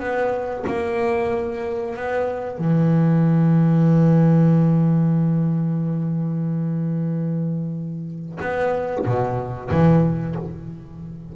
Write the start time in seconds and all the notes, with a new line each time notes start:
0.00 B3
0.67 A#3
1.96 B3
2.58 E3
8.41 B3
9.06 B2
9.71 E3